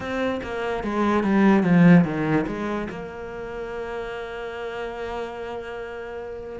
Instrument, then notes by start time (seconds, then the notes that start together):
cello
0.00 C4
0.43 A#3
0.83 G#3
1.23 G3
1.63 F3
2.04 D#3
2.46 G#3
2.89 A#3